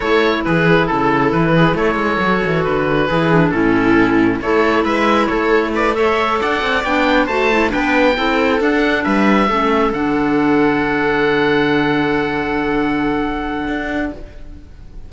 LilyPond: <<
  \new Staff \with { instrumentName = "oboe" } { \time 4/4 \tempo 4 = 136 cis''4 b'4 a'4 b'4 | cis''2 b'2 | a'2 cis''4 e''4 | cis''4 d''8 e''4 fis''4 g''8~ |
g''8 a''4 g''2 fis''8~ | fis''8 e''2 fis''4.~ | fis''1~ | fis''1 | }
  \new Staff \with { instrumentName = "viola" } { \time 4/4 a'4 gis'4 a'4. gis'8 | a'2. gis'4 | e'2 a'4 b'4 | a'4 b'8 cis''4 d''4.~ |
d''8 c''4 b'4 a'4.~ | a'8 b'4 a'2~ a'8~ | a'1~ | a'1 | }
  \new Staff \with { instrumentName = "clarinet" } { \time 4/4 e'1~ | e'4 fis'2 e'8 d'8 | cis'2 e'2~ | e'4. a'2 d'8~ |
d'8 fis'8 e'8 d'4 e'4 d'8~ | d'4. cis'4 d'4.~ | d'1~ | d'1 | }
  \new Staff \with { instrumentName = "cello" } { \time 4/4 a4 e4 cis4 e4 | a8 gis8 fis8 e8 d4 e4 | a,2 a4 gis4 | a2~ a8 d'8 c'8 b8~ |
b8 a4 b4 c'4 d'8~ | d'8 g4 a4 d4.~ | d1~ | d2. d'4 | }
>>